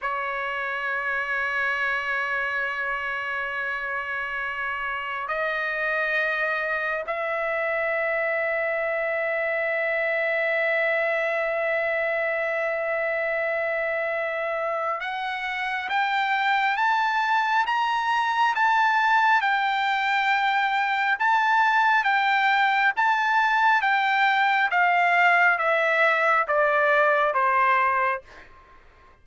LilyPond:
\new Staff \with { instrumentName = "trumpet" } { \time 4/4 \tempo 4 = 68 cis''1~ | cis''2 dis''2 | e''1~ | e''1~ |
e''4 fis''4 g''4 a''4 | ais''4 a''4 g''2 | a''4 g''4 a''4 g''4 | f''4 e''4 d''4 c''4 | }